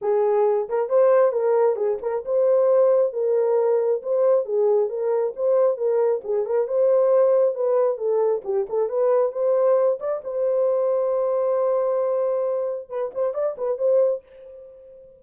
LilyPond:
\new Staff \with { instrumentName = "horn" } { \time 4/4 \tempo 4 = 135 gis'4. ais'8 c''4 ais'4 | gis'8 ais'8 c''2 ais'4~ | ais'4 c''4 gis'4 ais'4 | c''4 ais'4 gis'8 ais'8 c''4~ |
c''4 b'4 a'4 g'8 a'8 | b'4 c''4. d''8 c''4~ | c''1~ | c''4 b'8 c''8 d''8 b'8 c''4 | }